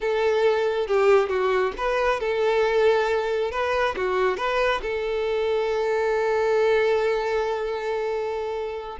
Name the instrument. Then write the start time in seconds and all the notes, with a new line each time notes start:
violin
0.00 A4
0.87 G4
1.29 F#4
1.77 B4
2.19 A4
3.51 B4
3.96 F#4
4.37 B4
4.82 A4